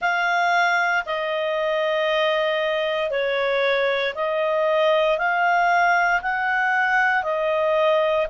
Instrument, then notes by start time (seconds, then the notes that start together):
clarinet
0.00 F5
1.05 D#5
3.10 C#5
4.14 D#5
5.17 F5
6.22 F#5
7.23 D#5